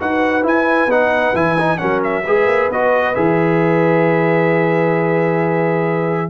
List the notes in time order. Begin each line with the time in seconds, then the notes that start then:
0.00 D#4 F#4 B4 F#5
0.43 E4 G#5
0.87 B3 D#4 F#5
1.34 E3 E4 G#5
1.59 D#4
1.78 F#3 C#4 A#4 F#5
2.04 E5
2.24 G#3 G#4 B4
2.46 A#3
2.70 B3 F#4 D#5
3.15 E3 G#4 E5